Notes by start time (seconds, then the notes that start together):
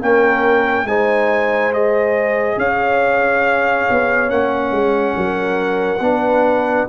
0.00 A#3 C#4 A#4 G5
0.84 G#3 D#4 C5 G#5
1.73 G#4 D#5
2.57 C#4 C#5 F5
3.90 B3
4.28 A#3 C#4 F#5
4.72 G#3
5.17 F#3 A#4
6.00 B3 D4 B4